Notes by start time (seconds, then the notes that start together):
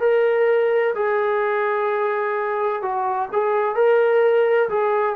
0.00 A#4
0.95 G#4
2.82 F#4
3.32 G#4
3.75 A#4
4.69 G#4